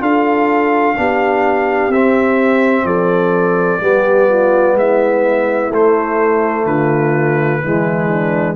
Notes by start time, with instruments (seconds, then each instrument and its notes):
0.00 tuba D4, trombone F4, horn A4, trumpet F5
0.97 tuba B3, trombone D4, horn G4
1.88 tuba C4, trombone C4, trumpet E5
2.85 tuba F3, horn A4, trumpet D5
3.81 tuba G3, trombone B3, horn G4
4.29 horn F4
4.75 tuba G#3, horn E4, trumpet E5
5.71 tuba A3, trombone A3, trumpet C5
6.65 tuba D3, horn F4, trumpet B4
7.63 tuba E3, trombone G#3, horn E4
8.09 horn D4